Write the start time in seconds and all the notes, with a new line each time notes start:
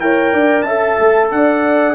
0.00 E4 A#4 C#5 G5
0.33 D4 D5
0.62 C#4 A4 E5 A5
1.00 A3
1.31 D4 D5 F#5